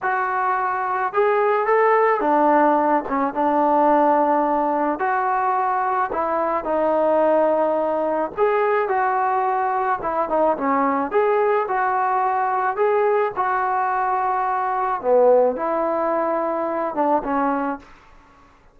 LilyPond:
\new Staff \with { instrumentName = "trombone" } { \time 4/4 \tempo 4 = 108 fis'2 gis'4 a'4 | d'4. cis'8 d'2~ | d'4 fis'2 e'4 | dis'2. gis'4 |
fis'2 e'8 dis'8 cis'4 | gis'4 fis'2 gis'4 | fis'2. b4 | e'2~ e'8 d'8 cis'4 | }